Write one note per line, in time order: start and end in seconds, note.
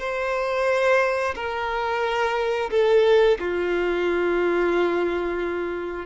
0.00 1.35 C5
1.36 2.71 A#4
2.71 3.38 A4
3.40 6.06 F4